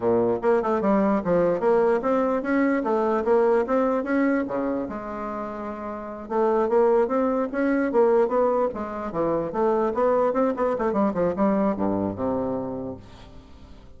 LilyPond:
\new Staff \with { instrumentName = "bassoon" } { \time 4/4 \tempo 4 = 148 ais,4 ais8 a8 g4 f4 | ais4 c'4 cis'4 a4 | ais4 c'4 cis'4 cis4 | gis2.~ gis8 a8~ |
a8 ais4 c'4 cis'4 ais8~ | ais8 b4 gis4 e4 a8~ | a8 b4 c'8 b8 a8 g8 f8 | g4 g,4 c2 | }